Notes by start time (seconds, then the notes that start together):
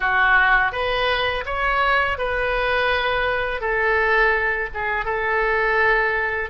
0.00 F#4
0.72 B4
1.45 C#5
2.18 B4
3.60 A4
4.73 G#4
5.05 A4